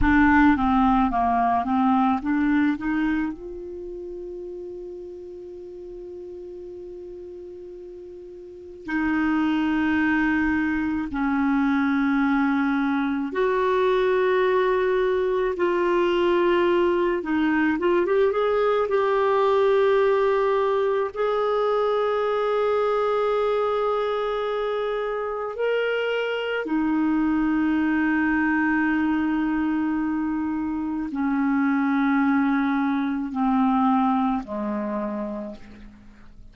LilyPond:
\new Staff \with { instrumentName = "clarinet" } { \time 4/4 \tempo 4 = 54 d'8 c'8 ais8 c'8 d'8 dis'8 f'4~ | f'1 | dis'2 cis'2 | fis'2 f'4. dis'8 |
f'16 g'16 gis'8 g'2 gis'4~ | gis'2. ais'4 | dis'1 | cis'2 c'4 gis4 | }